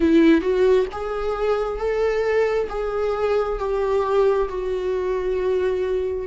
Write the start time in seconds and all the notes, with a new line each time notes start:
0.00 E4
0.41 F#4
0.92 G#4
1.78 A4
2.69 G#4
3.58 G4
4.48 F#4